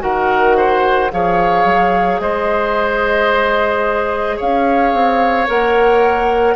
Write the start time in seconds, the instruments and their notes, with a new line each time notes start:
0.00 bassoon D#3, clarinet F#4, oboe A#4, flute F#5
0.57 oboe C5
1.12 bassoon F3, clarinet G#4, oboe C#5, flute F5
1.65 bassoon F#3
2.20 bassoon G#3, oboe C5, flute D#5
4.37 bassoon C#4, oboe C#5, flute F5
4.93 bassoon C4
5.47 bassoon A#3, clarinet A#4, flute F#5